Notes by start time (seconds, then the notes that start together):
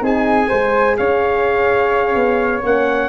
0.00 C4 D#4 G#4 G#5
0.49 G#3 G#4 C5
0.97 C#4 C#5 F5
2.15 B3
2.62 A#3 C#4 F#5